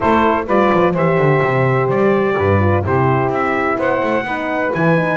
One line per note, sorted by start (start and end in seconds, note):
0.00 0.46 A3
0.00 0.46 E4
0.00 0.44 A4
0.00 0.48 C5
0.46 0.70 G3
0.46 0.95 F4
0.46 0.92 B4
0.46 0.96 D5
0.73 0.93 F3
0.92 1.17 E3
0.92 2.59 G4
0.92 2.34 C5
0.92 1.90 E5
1.17 1.41 D3
1.42 1.89 C3
1.89 2.36 G3
1.89 2.84 D5
2.36 2.84 G2
2.36 2.84 B4
2.59 2.83 F4
2.83 3.29 C3
2.83 4.25 E4
2.83 3.77 G4
2.83 3.33 C5
3.29 3.76 C4
3.29 3.80 E5
3.77 4.01 B3
3.77 4.24 C5
3.77 4.73 F#5
4.03 4.24 A3
4.24 4.71 B3
4.24 4.73 D#4
4.24 5.17 B4
4.73 5.17 E3
4.73 4.95 E4
4.73 5.17 G#5
4.95 5.17 D#4